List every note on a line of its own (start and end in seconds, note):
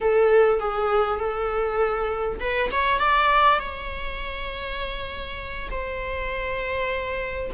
0.00 0.59 A4
0.59 1.19 G#4
1.19 2.39 A4
2.40 2.70 B4
2.71 2.99 C#5
2.99 3.59 D5
3.59 5.69 C#5
5.70 7.50 C5